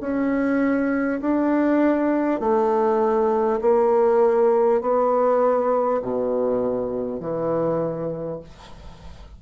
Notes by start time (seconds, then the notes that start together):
0.00 C#4
1.20 D4
2.40 A3
3.61 A#3
4.81 B3
6.02 B2
7.19 E3